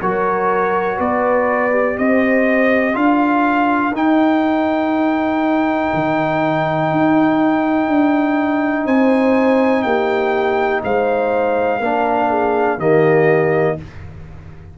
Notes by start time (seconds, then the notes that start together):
0.00 F#3 F#4 A#4 C#5
0.96 B3 B4 D5
1.71 G4
1.98 C4 C5 D#5
2.93 D4 F4 A#4 F5
3.92 D#4 G5
5.93 D#3
6.92 D#4
7.88 D4
8.85 C4 C5 G#5
9.82 A#3 G4 G5
10.84 G#3 C5 F5
11.80 A#3 D4 A#4
12.29 G#4
12.77 D#3 A#3 G4 D#5